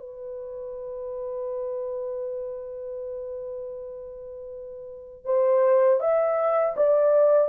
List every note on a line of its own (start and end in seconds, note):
0.00 5.25 B4
5.25 6.00 C5
6.01 6.76 E5
6.77 7.49 D5